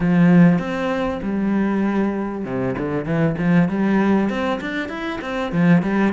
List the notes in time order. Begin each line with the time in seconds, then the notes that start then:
0.00 F3
0.58 C4
1.22 G3
2.44 C3
2.77 D3
3.05 E3
3.38 F3
3.68 G3
4.29 C4
4.60 D4
4.88 E4
5.21 C4
5.51 F3
5.82 G3